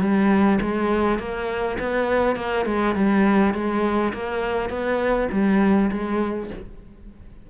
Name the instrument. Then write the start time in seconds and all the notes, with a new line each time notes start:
cello
0.00 G3
0.61 G#3
1.19 A#3
1.79 B3
2.36 A#3
2.66 G#3
2.95 G3
3.54 G#3
4.13 A#3
4.70 B3
5.31 G3
5.91 G#3